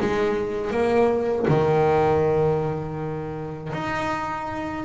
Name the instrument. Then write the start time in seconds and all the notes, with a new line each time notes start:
double bass
0.00 G#3
0.71 A#3
1.48 D#3
3.73 D#4